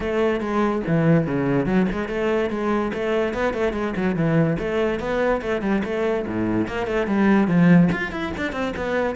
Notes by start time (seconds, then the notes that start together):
0.00 A3
0.40 G#3
0.87 E3
1.27 C#3
1.66 F#3
1.91 G#3
2.08 A3
2.50 G#3
2.93 A3
3.33 B3
3.53 A3
3.72 G#3
3.96 F#3
4.15 E3
4.59 A3
4.99 B3
5.41 A3
5.61 G3
5.83 A3
6.27 A2
6.67 A#3
6.86 A3
7.07 G3
7.47 F3
7.92 F4
8.11 E4
8.37 D4
8.52 C4
8.76 B3